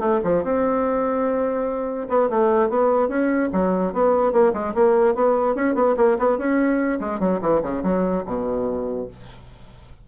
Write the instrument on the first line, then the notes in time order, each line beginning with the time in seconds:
bassoon
0.00 A3
0.24 F3
0.44 C4
2.09 B3
2.30 A3
2.70 B3
3.09 C#4
3.53 F#3
3.94 B3
4.33 A#3
4.54 G#3
4.75 A#3
5.16 B3
5.56 C#4
5.75 B3
5.98 A#3
6.19 B3
6.38 C#4
7.00 G#3
7.20 F#3
7.42 E3
7.63 C#3
7.84 F#3
8.26 B2